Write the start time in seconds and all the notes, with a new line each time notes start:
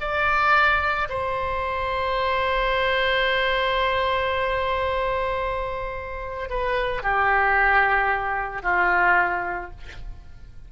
0.00 D5
1.09 C5
6.49 B4
7.02 G4
8.62 F4